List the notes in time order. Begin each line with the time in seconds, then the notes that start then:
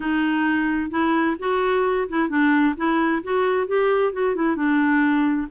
0.00 D#4
0.90 E4
1.39 F#4
2.08 E4
2.29 D4
2.76 E4
3.23 F#4
3.67 G4
4.12 F#4
4.35 E4
4.56 D4